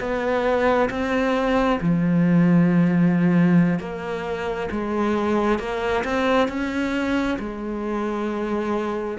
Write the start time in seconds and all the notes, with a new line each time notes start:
0.00 B3
0.90 C4
1.81 F3
3.79 A#3
4.71 G#3
5.59 A#3
6.04 C4
6.48 C#4
7.39 G#3